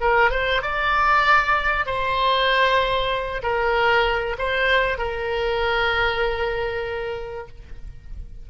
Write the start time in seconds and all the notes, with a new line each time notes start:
0.00 A#4
0.30 C5
0.61 D5
1.86 C5
3.42 A#4
4.38 C5
4.98 A#4